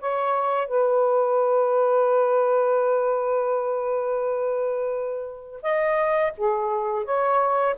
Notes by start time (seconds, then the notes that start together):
0.00 C#5
0.68 B4
5.62 D#5
6.37 G#4
7.05 C#5